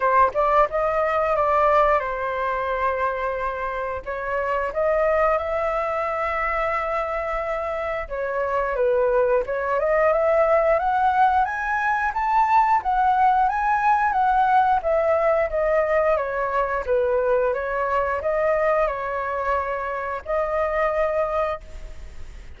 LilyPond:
\new Staff \with { instrumentName = "flute" } { \time 4/4 \tempo 4 = 89 c''8 d''8 dis''4 d''4 c''4~ | c''2 cis''4 dis''4 | e''1 | cis''4 b'4 cis''8 dis''8 e''4 |
fis''4 gis''4 a''4 fis''4 | gis''4 fis''4 e''4 dis''4 | cis''4 b'4 cis''4 dis''4 | cis''2 dis''2 | }